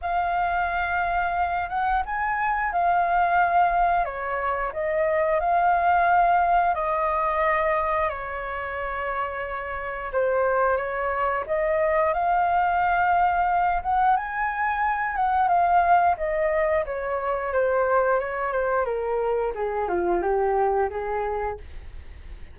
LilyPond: \new Staff \with { instrumentName = "flute" } { \time 4/4 \tempo 4 = 89 f''2~ f''8 fis''8 gis''4 | f''2 cis''4 dis''4 | f''2 dis''2 | cis''2. c''4 |
cis''4 dis''4 f''2~ | f''8 fis''8 gis''4. fis''8 f''4 | dis''4 cis''4 c''4 cis''8 c''8 | ais'4 gis'8 f'8 g'4 gis'4 | }